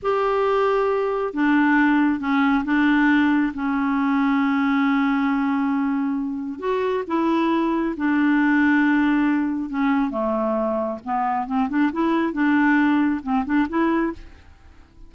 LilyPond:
\new Staff \with { instrumentName = "clarinet" } { \time 4/4 \tempo 4 = 136 g'2. d'4~ | d'4 cis'4 d'2 | cis'1~ | cis'2. fis'4 |
e'2 d'2~ | d'2 cis'4 a4~ | a4 b4 c'8 d'8 e'4 | d'2 c'8 d'8 e'4 | }